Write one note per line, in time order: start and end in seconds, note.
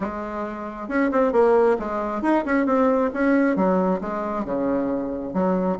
0.00 0.88 G#3
0.88 1.10 C#4
1.11 1.32 C4
1.32 1.76 A#3
1.79 2.22 G#3
2.22 2.44 D#4
2.45 2.66 C#4
2.66 3.10 C4
3.13 3.56 C#4
3.56 4.00 F#3
4.00 4.44 G#3
4.44 5.33 C#3
5.33 5.78 F#3